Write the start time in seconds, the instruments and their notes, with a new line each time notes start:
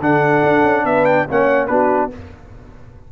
0.00 tuba D3, trombone D4, horn A4, trumpet F#5
0.43 tuba D4
0.63 tuba C#4
0.84 tuba B3, horn B4, trumpet E5
1.05 trumpet G5
1.28 tuba A#3, trombone C#4, horn C#5, trumpet F#5
1.67 tuba B3, trombone D4, horn F#4, trumpet B4